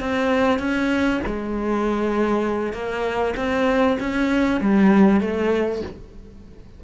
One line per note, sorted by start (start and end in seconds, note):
0.00 0.58 C4
0.58 1.20 C#4
1.26 2.72 G#3
2.72 3.34 A#3
3.36 3.97 C4
4.00 4.60 C#4
4.60 5.20 G3
5.20 5.81 A3